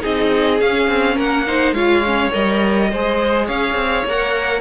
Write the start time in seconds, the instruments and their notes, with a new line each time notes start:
0.00 cello C4, viola D#4, violin G#4 D#5
0.60 cello C#4, viola C#4, violin F5
0.88 cello C4
1.15 cello A#3, violin A#4 F#5
1.46 viola D#4, violin C5
1.72 cello G#3, viola F4, violin C#5 F5
2.05 viola C#4
2.31 cello G3, viola A#4, violin D#5
2.91 cello G#3, viola G#4, violin C5
3.46 cello C#4, violin C#5 F5
3.74 cello C4
4.05 cello A#3, viola A#4, violin F#5